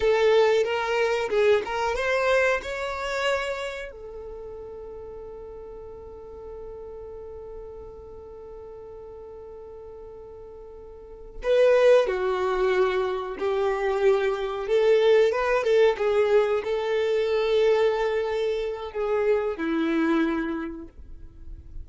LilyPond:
\new Staff \with { instrumentName = "violin" } { \time 4/4 \tempo 4 = 92 a'4 ais'4 gis'8 ais'8 c''4 | cis''2 a'2~ | a'1~ | a'1~ |
a'4. b'4 fis'4.~ | fis'8 g'2 a'4 b'8 | a'8 gis'4 a'2~ a'8~ | a'4 gis'4 e'2 | }